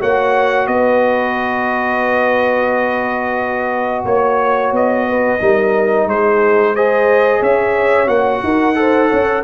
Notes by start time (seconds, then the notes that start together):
0.00 A#3 F#4 C#5 F#5
0.67 B3 B4 D#5
4.05 A#3 C#5
4.72 B3 D#5
5.09 B4
5.41 G3 D#4 A#4
6.05 G#3 G#4 C5
6.74 G#4 C5 D#5
7.40 C#4 C#5 E5
8.07 A#3 F#4 F#5
8.44 D#4 A#4
8.75 A4 C5
9.10 C#4 C#5